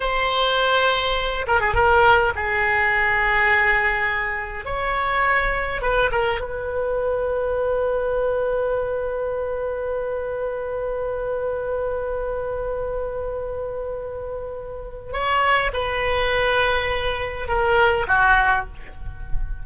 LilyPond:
\new Staff \with { instrumentName = "oboe" } { \time 4/4 \tempo 4 = 103 c''2~ c''8 ais'16 gis'16 ais'4 | gis'1 | cis''2 b'8 ais'8 b'4~ | b'1~ |
b'1~ | b'1~ | b'2 cis''4 b'4~ | b'2 ais'4 fis'4 | }